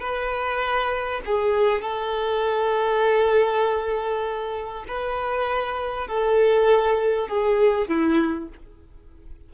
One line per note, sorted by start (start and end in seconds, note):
0.00 1.21 B4
1.26 1.82 G#4
1.82 4.85 A4
4.88 6.07 B4
6.07 7.29 A4
7.29 7.88 G#4
7.88 8.49 E4